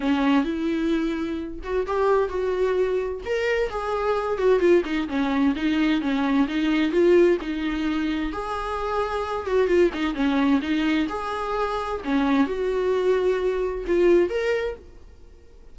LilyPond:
\new Staff \with { instrumentName = "viola" } { \time 4/4 \tempo 4 = 130 cis'4 e'2~ e'8 fis'8 | g'4 fis'2 ais'4 | gis'4. fis'8 f'8 dis'8 cis'4 | dis'4 cis'4 dis'4 f'4 |
dis'2 gis'2~ | gis'8 fis'8 f'8 dis'8 cis'4 dis'4 | gis'2 cis'4 fis'4~ | fis'2 f'4 ais'4 | }